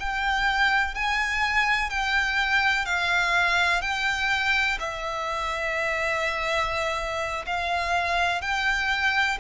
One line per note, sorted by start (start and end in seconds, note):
0.00 0.95 G5
0.95 1.90 G#5
1.90 2.85 G5
2.85 3.81 F5
3.81 4.78 G5
4.79 7.46 E5
7.46 8.41 F5
8.41 9.38 G5